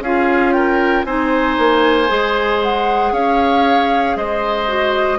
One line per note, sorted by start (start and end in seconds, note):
0.00 1.03 C#4
0.00 1.06 F4
0.00 0.54 G#4
0.00 0.52 F5
0.52 1.06 A#4
0.52 1.04 G5
1.05 1.57 C4
1.05 2.07 D#4
1.05 3.13 C5
1.05 2.60 G#5
1.58 2.10 A#3
2.07 3.12 G#3
2.07 4.66 G#4
2.62 3.14 F#5
3.12 4.15 C#4
3.12 4.16 C#5
3.12 4.17 F5
4.16 5.19 G#3
4.16 5.19 C5
4.16 5.19 D#5
4.67 5.19 F#4